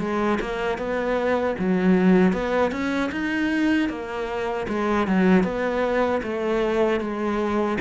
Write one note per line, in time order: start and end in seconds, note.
0.00 0.39 G#3
0.41 0.78 A#3
0.78 1.56 B3
1.59 2.33 F#3
2.33 2.72 B3
2.72 3.11 C#4
3.12 3.89 D#4
3.89 4.67 A#3
4.69 5.08 G#3
5.08 5.44 F#3
5.44 6.22 B3
6.23 7.01 A3
7.01 7.79 G#3